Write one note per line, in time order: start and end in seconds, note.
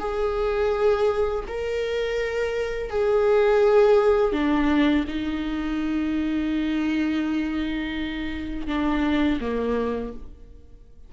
0.00 1.45 G#4
1.48 2.90 A#4
2.90 4.33 G#4
4.33 5.05 D4
5.08 8.68 D#4
8.68 9.40 D4
9.41 10.13 A#3